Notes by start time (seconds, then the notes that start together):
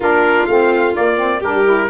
0.00 A#3 D4 F4 A#4
0.46 A3 C4 F5
0.94 A#3 D5
1.17 C4
1.39 G3 D4 G4 A#4
1.65 E4